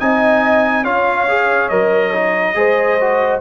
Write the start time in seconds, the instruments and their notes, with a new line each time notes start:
0.00 tuba C4, trombone D#4, horn D#5, trumpet G#5
0.84 tuba C#4, trombone F4, horn C#5, trumpet F5
1.29 trombone G#4
1.69 tuba F#3, trombone A#4, trumpet D#5
2.14 trombone D#4
2.55 tuba G#3, trombone G#4, horn C5
3.01 trombone F#4